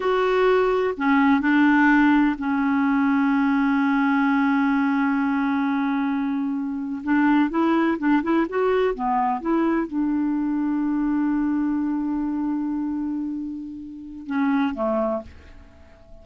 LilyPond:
\new Staff \with { instrumentName = "clarinet" } { \time 4/4 \tempo 4 = 126 fis'2 cis'4 d'4~ | d'4 cis'2.~ | cis'1~ | cis'2~ cis'8. d'4 e'16~ |
e'8. d'8 e'8 fis'4 b4 e'16~ | e'8. d'2.~ d'16~ | d'1~ | d'2 cis'4 a4 | }